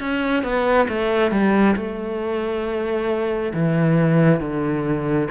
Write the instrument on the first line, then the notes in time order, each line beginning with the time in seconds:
cello
0.00 C#4
0.44 B3
0.89 A3
1.32 G3
1.76 A3
3.54 E3
4.40 D3